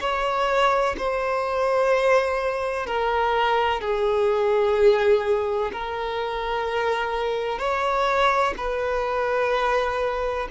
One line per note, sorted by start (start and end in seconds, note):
0.00 0.95 C#5
0.97 2.86 C5
2.86 3.81 A#4
3.81 5.71 G#4
5.72 7.59 A#4
7.59 8.54 C#5
8.57 10.48 B4